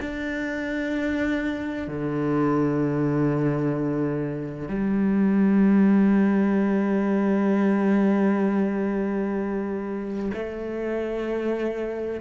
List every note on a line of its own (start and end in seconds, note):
0.00 1.87 D4
1.87 4.68 D3
4.68 10.31 G3
10.33 12.20 A3